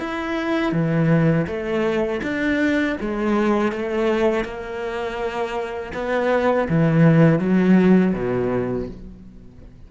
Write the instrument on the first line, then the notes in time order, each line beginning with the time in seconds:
cello
0.00 E4
0.72 E3
1.47 A3
2.23 D4
3.01 G#3
3.72 A3
4.45 A#3
5.94 B3
6.69 E3
7.39 F#3
8.14 B2